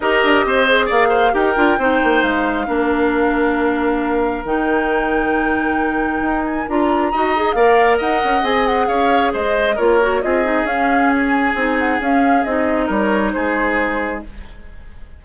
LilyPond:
<<
  \new Staff \with { instrumentName = "flute" } { \time 4/4 \tempo 4 = 135 dis''2 f''4 g''4~ | g''4 f''2.~ | f''2 g''2~ | g''2~ g''8 gis''8 ais''4~ |
ais''4 f''4 fis''4 gis''8 fis''8 | f''4 dis''4 cis''4 dis''4 | f''4 gis''4. fis''8 f''4 | dis''4 cis''4 c''2 | }
  \new Staff \with { instrumentName = "oboe" } { \time 4/4 ais'4 c''4 d''8 c''8 ais'4 | c''2 ais'2~ | ais'1~ | ais'1 |
dis''4 d''4 dis''2 | cis''4 c''4 ais'4 gis'4~ | gis'1~ | gis'4 ais'4 gis'2 | }
  \new Staff \with { instrumentName = "clarinet" } { \time 4/4 g'4. gis'4. g'8 f'8 | dis'2 d'2~ | d'2 dis'2~ | dis'2. f'4 |
fis'8 gis'8 ais'2 gis'4~ | gis'2 f'8 fis'8 f'8 dis'8 | cis'2 dis'4 cis'4 | dis'1 | }
  \new Staff \with { instrumentName = "bassoon" } { \time 4/4 dis'8 d'8 c'4 ais4 dis'8 d'8 | c'8 ais8 gis4 ais2~ | ais2 dis2~ | dis2 dis'4 d'4 |
dis'4 ais4 dis'8 cis'8 c'4 | cis'4 gis4 ais4 c'4 | cis'2 c'4 cis'4 | c'4 g4 gis2 | }
>>